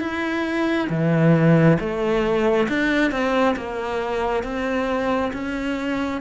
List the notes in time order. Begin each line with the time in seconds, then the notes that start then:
0.00 E4
0.89 E3
1.80 A3
2.68 D4
3.12 C4
3.56 A#3
4.44 C4
5.33 C#4